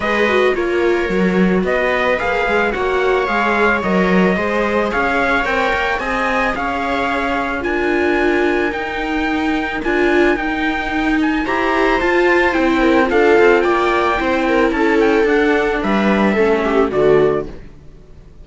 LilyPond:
<<
  \new Staff \with { instrumentName = "trumpet" } { \time 4/4 \tempo 4 = 110 dis''4 cis''2 dis''4 | f''4 fis''4 f''4 dis''4~ | dis''4 f''4 g''4 gis''4 | f''2 gis''2 |
g''2 gis''4 g''4~ | g''8 gis''8 ais''4 a''4 g''4 | f''4 g''2 a''8 g''8 | fis''4 e''2 d''4 | }
  \new Staff \with { instrumentName = "viola" } { \time 4/4 b'4 ais'2 b'4~ | b'4 cis''2. | c''4 cis''2 dis''4 | cis''2 ais'2~ |
ais'1~ | ais'4 c''2~ c''8 ais'8 | a'4 d''4 c''8 ais'8 a'4~ | a'4 b'4 a'8 g'8 fis'4 | }
  \new Staff \with { instrumentName = "viola" } { \time 4/4 gis'8 fis'8 f'4 fis'2 | gis'4 fis'4 gis'4 ais'4 | gis'2 ais'4 gis'4~ | gis'2 f'2 |
dis'2 f'4 dis'4~ | dis'4 g'4 f'4 e'4 | f'2 e'2 | d'2 cis'4 a4 | }
  \new Staff \with { instrumentName = "cello" } { \time 4/4 gis4 ais4 fis4 b4 | ais8 gis8 ais4 gis4 fis4 | gis4 cis'4 c'8 ais8 c'4 | cis'2 d'2 |
dis'2 d'4 dis'4~ | dis'4 e'4 f'4 c'4 | d'8 c'8 ais4 c'4 cis'4 | d'4 g4 a4 d4 | }
>>